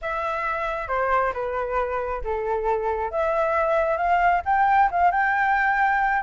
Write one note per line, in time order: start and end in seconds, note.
0.01 0.88 E5
0.88 1.32 C5
1.33 2.22 B4
2.23 3.11 A4
3.11 3.97 E5
3.97 4.41 F5
4.45 4.89 G5
4.91 5.11 F5
5.11 6.22 G5